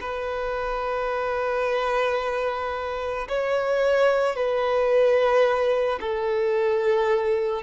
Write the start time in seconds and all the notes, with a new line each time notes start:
0.00 B4
3.28 C#5
4.35 B4
6.00 A4